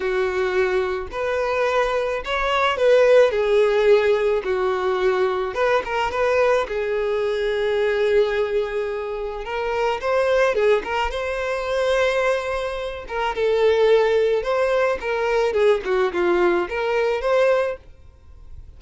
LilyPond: \new Staff \with { instrumentName = "violin" } { \time 4/4 \tempo 4 = 108 fis'2 b'2 | cis''4 b'4 gis'2 | fis'2 b'8 ais'8 b'4 | gis'1~ |
gis'4 ais'4 c''4 gis'8 ais'8 | c''2.~ c''8 ais'8 | a'2 c''4 ais'4 | gis'8 fis'8 f'4 ais'4 c''4 | }